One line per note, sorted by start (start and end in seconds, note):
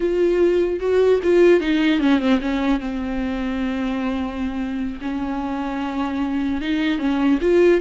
0.00 0.79 F4
0.79 1.19 F#4
1.23 1.60 F4
1.60 2.00 D#4
2.00 2.19 C#4
2.19 2.39 C4
2.41 2.79 C#4
2.79 4.99 C4
5.01 6.61 C#4
6.61 6.99 D#4
6.99 7.39 C#4
7.41 7.81 F4